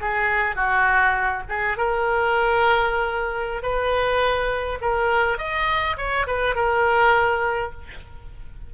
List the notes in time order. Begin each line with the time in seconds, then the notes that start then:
0.00 G#4
0.55 F#4
1.49 G#4
1.77 A#4
3.62 B4
4.81 A#4
5.38 D#5
5.97 C#5
6.26 B4
6.55 A#4